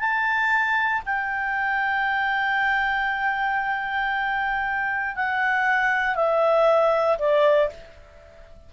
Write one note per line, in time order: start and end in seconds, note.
0.00 1.03 A5
1.06 5.16 G5
5.16 6.16 F#5
6.16 7.18 E5
7.19 7.70 D5